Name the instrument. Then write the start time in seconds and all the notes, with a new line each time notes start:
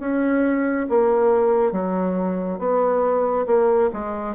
bassoon
0.00 C#4
0.89 A#3
1.72 F#3
2.59 B3
3.47 A#3
3.93 G#3